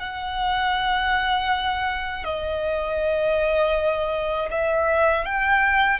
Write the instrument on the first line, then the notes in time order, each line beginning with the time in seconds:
violin
0.00 F#5
2.24 D#5
4.51 E5
5.26 G5